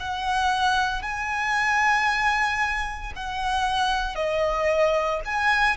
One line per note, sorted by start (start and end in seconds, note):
0.00 1.02 F#5
1.02 3.13 G#5
3.16 4.16 F#5
4.16 5.21 D#5
5.25 5.77 G#5